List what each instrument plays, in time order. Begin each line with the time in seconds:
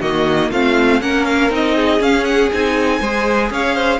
0.00 cello D#3, viola A#3, violin F#4 D#5
0.50 cello A3, viola C4, violin F4 F5
1.01 cello A#3, viola C#4, violin A#4 F#5
1.25 violin F5
1.50 cello C4, viola D#4, violin D#5
1.75 violin G#4
1.99 viola C#4, cello C#4, violin F5
2.24 violin F#5
2.52 cello C4, viola D#4, violin G#5
3.00 cello G#3, viola G#4, violin C5
3.50 cello C#4, violin C#5 F5
3.74 violin C5